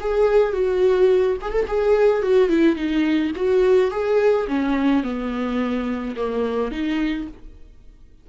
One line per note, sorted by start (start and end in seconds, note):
0.00 0.53 G#4
0.53 1.37 F#4
1.41 1.52 G#4
1.52 1.66 A4
1.67 2.22 G#4
2.22 2.49 F#4
2.49 2.76 E4
2.76 3.32 D#4
3.36 3.91 F#4
3.91 4.47 G#4
4.47 5.03 C#4
5.03 6.15 B3
6.16 6.71 A#3
6.71 7.27 D#4